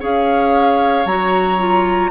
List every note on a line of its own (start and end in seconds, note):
0.00 1.05 C#4
0.00 1.05 G#4
0.00 2.11 C#5
0.00 1.06 F5
1.05 2.11 F#3
1.05 1.59 F#4
1.05 2.11 A#5
1.59 2.11 F4